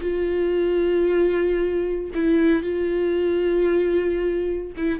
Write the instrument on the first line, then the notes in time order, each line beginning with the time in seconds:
viola
0.00 F4
2.14 E4
2.62 F4
4.77 E4